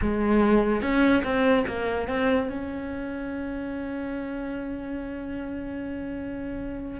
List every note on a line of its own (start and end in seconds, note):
0.01 0.82 G#3
0.82 1.23 C#4
1.24 1.65 C4
1.67 2.07 A#3
2.07 2.49 C4
2.49 7.00 C#4